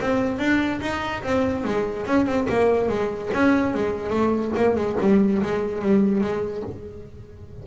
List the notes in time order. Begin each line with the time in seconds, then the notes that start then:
0.00 C4
0.38 D4
0.80 D#4
1.23 C4
1.64 G#3
2.06 C#4
2.26 C4
2.49 A#3
2.88 G#3
3.33 C#4
3.74 G#3
4.09 A3
4.56 A#3
4.76 G#3
5.00 G3
5.42 G#3
5.81 G3
6.21 G#3